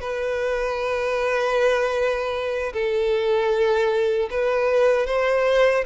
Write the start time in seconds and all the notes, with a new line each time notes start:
0.00 B4
2.73 A4
4.30 B4
5.06 C5